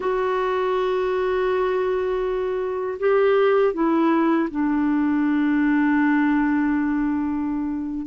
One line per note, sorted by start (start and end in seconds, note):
0.00 2.98 F#4
2.99 3.73 G4
3.73 4.48 E4
4.50 8.06 D4